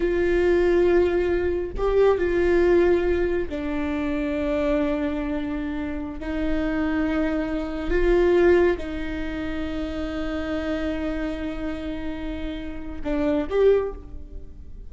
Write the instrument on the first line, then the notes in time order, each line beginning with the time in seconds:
viola
0.00 F4
1.77 G4
2.17 F4
3.48 D4
6.20 D#4
7.90 F4
8.77 D#4
13.04 D4
13.49 G4